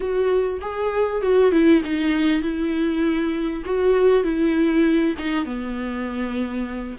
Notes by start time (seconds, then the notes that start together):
0.00 F#4
0.61 G#4
1.22 F#4
1.51 E4
1.84 D#4
2.42 E4
3.65 F#4
4.23 E4
5.18 D#4
5.45 B3